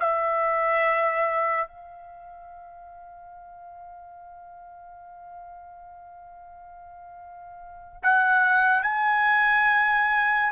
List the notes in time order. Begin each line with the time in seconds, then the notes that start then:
0.00 E5
1.68 F5
8.04 F#5
8.83 G#5